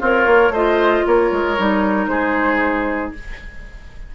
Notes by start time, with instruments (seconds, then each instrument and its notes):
0.00 bassoon C4, oboe F4, clarinet A#4, flute C#5
0.27 bassoon A#3
0.49 bassoon A3, oboe C5, flute D#5
0.56 clarinet F4
1.07 bassoon A#3, oboe A#4, flute C#5
1.32 bassoon G#3
1.58 bassoon G3, clarinet D#4
2.08 bassoon G#3, oboe G#4, flute C5